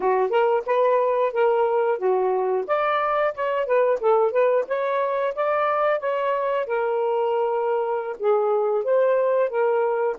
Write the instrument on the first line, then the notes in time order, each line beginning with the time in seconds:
saxophone
0.00 F#4
0.30 A#4
0.65 B4
1.32 A#4
1.98 F#4
2.67 D5
3.34 C#5
3.65 B4
4.00 A4
4.31 B4
4.67 C#5
5.35 D5
5.99 C#5
6.66 A#4
8.19 G#4
8.83 C5
9.49 A#4